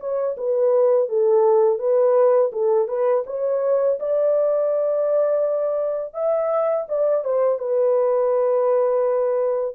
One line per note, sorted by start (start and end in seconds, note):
0.00 0.36 C#5
0.37 1.09 B4
1.09 1.79 A4
1.79 2.51 B4
2.52 2.88 A4
2.88 3.24 B4
3.27 3.99 C#5
3.99 6.14 D5
6.14 6.86 E5
6.88 7.25 D5
7.25 7.59 C5
7.59 9.75 B4